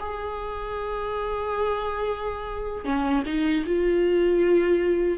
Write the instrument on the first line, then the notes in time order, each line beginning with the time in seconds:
viola
0.00 G#4
2.85 C#4
3.26 D#4
3.66 F4